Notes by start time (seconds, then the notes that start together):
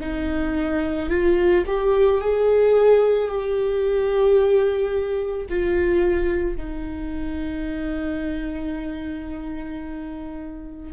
0.00 D#4
1.09 F4
1.67 G4
2.21 G#4
3.28 G4
5.49 F4
6.56 D#4